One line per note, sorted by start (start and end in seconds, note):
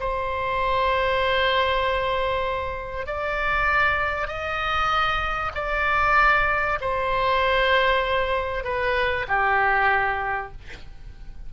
0.00 3.06 C5
3.06 4.28 D5
4.28 5.52 D#5
5.55 6.79 D5
6.81 8.64 C5
8.64 9.26 B4
9.28 10.52 G4